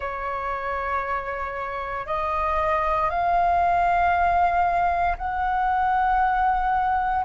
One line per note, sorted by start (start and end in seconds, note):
0.00 2.06 C#5
2.06 3.09 D#5
3.10 5.17 F5
5.17 7.24 F#5